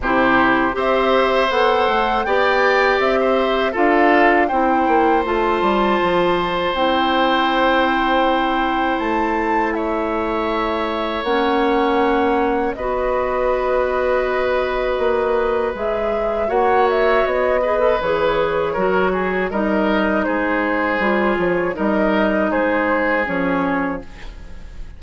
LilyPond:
<<
  \new Staff \with { instrumentName = "flute" } { \time 4/4 \tempo 4 = 80 c''4 e''4 fis''4 g''4 | e''4 f''4 g''4 a''4~ | a''4 g''2. | a''4 e''2 fis''4~ |
fis''4 dis''2.~ | dis''4 e''4 fis''8 e''8 dis''4 | cis''2 dis''4 c''4~ | c''8 cis''8 dis''4 c''4 cis''4 | }
  \new Staff \with { instrumentName = "oboe" } { \time 4/4 g'4 c''2 d''4~ | d''16 c''8. a'4 c''2~ | c''1~ | c''4 cis''2.~ |
cis''4 b'2.~ | b'2 cis''4. b'8~ | b'4 ais'8 gis'8 ais'4 gis'4~ | gis'4 ais'4 gis'2 | }
  \new Staff \with { instrumentName = "clarinet" } { \time 4/4 e'4 g'4 a'4 g'4~ | g'4 f'4 e'4 f'4~ | f'4 e'2.~ | e'2. cis'4~ |
cis'4 fis'2.~ | fis'4 gis'4 fis'4. gis'16 a'16 | gis'4 fis'4 dis'2 | f'4 dis'2 cis'4 | }
  \new Staff \with { instrumentName = "bassoon" } { \time 4/4 c4 c'4 b8 a8 b4 | c'4 d'4 c'8 ais8 a8 g8 | f4 c'2. | a2. ais4~ |
ais4 b2. | ais4 gis4 ais4 b4 | e4 fis4 g4 gis4 | g8 f8 g4 gis4 f4 | }
>>